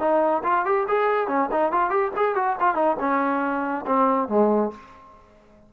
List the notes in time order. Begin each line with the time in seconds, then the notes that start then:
0.00 D#4
0.44 F4
0.66 G4
0.89 G#4
1.28 C#4
1.52 D#4
1.73 F4
1.90 G4
2.17 G#4
2.36 F#4
2.60 F4
2.75 D#4
3.00 C#4
3.87 C4
4.29 G#3